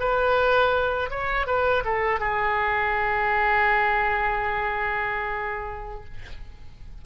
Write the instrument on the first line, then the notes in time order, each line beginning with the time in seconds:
oboe
0.00 B4
1.10 C#5
1.47 B4
1.85 A4
2.20 G#4